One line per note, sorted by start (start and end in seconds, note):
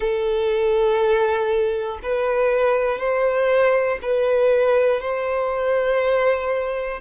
0.00 1.98 A4
2.03 2.99 B4
2.99 3.99 C5
4.01 5.00 B4
5.00 7.00 C5